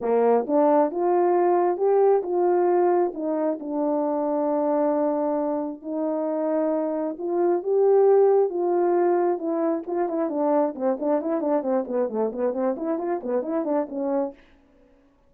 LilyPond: \new Staff \with { instrumentName = "horn" } { \time 4/4 \tempo 4 = 134 ais4 d'4 f'2 | g'4 f'2 dis'4 | d'1~ | d'4 dis'2. |
f'4 g'2 f'4~ | f'4 e'4 f'8 e'8 d'4 | c'8 d'8 e'8 d'8 c'8 b8 a8 b8 | c'8 e'8 f'8 b8 e'8 d'8 cis'4 | }